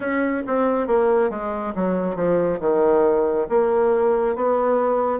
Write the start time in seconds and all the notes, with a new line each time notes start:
0.00 C#4
0.46 C4
0.87 A#3
1.30 G#3
1.75 F#3
2.15 F3
2.60 D#3
3.49 A#3
4.35 B3